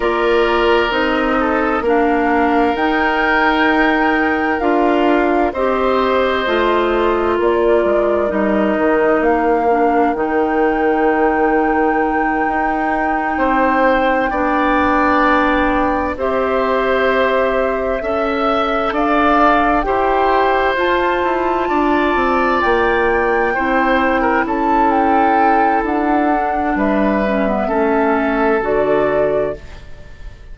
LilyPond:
<<
  \new Staff \with { instrumentName = "flute" } { \time 4/4 \tempo 4 = 65 d''4 dis''4 f''4 g''4~ | g''4 f''4 dis''2 | d''4 dis''4 f''4 g''4~ | g''1~ |
g''4. e''2~ e''8~ | e''8 f''4 g''4 a''4.~ | a''8 g''2 a''8 g''4 | fis''4 e''2 d''4 | }
  \new Staff \with { instrumentName = "oboe" } { \time 4/4 ais'4. a'8 ais'2~ | ais'2 c''2 | ais'1~ | ais'2~ ais'8 c''4 d''8~ |
d''4. c''2 e''8~ | e''8 d''4 c''2 d''8~ | d''4. c''8. ais'16 a'4.~ | a'4 b'4 a'2 | }
  \new Staff \with { instrumentName = "clarinet" } { \time 4/4 f'4 dis'4 d'4 dis'4~ | dis'4 f'4 g'4 f'4~ | f'4 dis'4. d'8 dis'4~ | dis'2.~ dis'8 d'8~ |
d'4. g'2 a'8~ | a'4. g'4 f'4.~ | f'4. e'2~ e'8~ | e'8 d'4 cis'16 b16 cis'4 fis'4 | }
  \new Staff \with { instrumentName = "bassoon" } { \time 4/4 ais4 c'4 ais4 dis'4~ | dis'4 d'4 c'4 a4 | ais8 gis8 g8 dis8 ais4 dis4~ | dis4. dis'4 c'4 b8~ |
b4. c'2 cis'8~ | cis'8 d'4 e'4 f'8 e'8 d'8 | c'8 ais4 c'4 cis'4. | d'4 g4 a4 d4 | }
>>